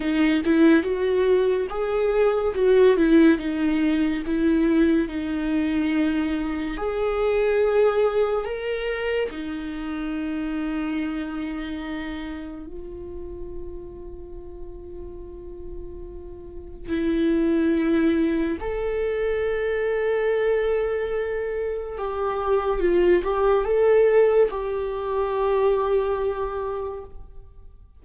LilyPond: \new Staff \with { instrumentName = "viola" } { \time 4/4 \tempo 4 = 71 dis'8 e'8 fis'4 gis'4 fis'8 e'8 | dis'4 e'4 dis'2 | gis'2 ais'4 dis'4~ | dis'2. f'4~ |
f'1 | e'2 a'2~ | a'2 g'4 f'8 g'8 | a'4 g'2. | }